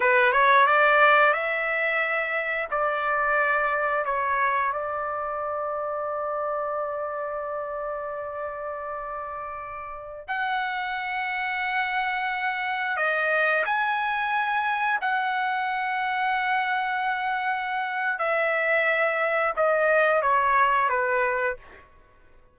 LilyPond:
\new Staff \with { instrumentName = "trumpet" } { \time 4/4 \tempo 4 = 89 b'8 cis''8 d''4 e''2 | d''2 cis''4 d''4~ | d''1~ | d''2.~ d''16 fis''8.~ |
fis''2.~ fis''16 dis''8.~ | dis''16 gis''2 fis''4.~ fis''16~ | fis''2. e''4~ | e''4 dis''4 cis''4 b'4 | }